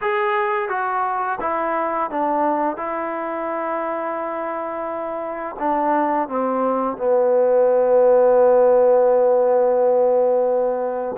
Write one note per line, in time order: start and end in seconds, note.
0.01 0.68 G#4
0.68 1.38 F#4
1.40 2.10 E4
2.10 2.77 D4
2.77 5.56 E4
5.59 6.28 D4
6.28 6.97 C4
6.97 11.16 B3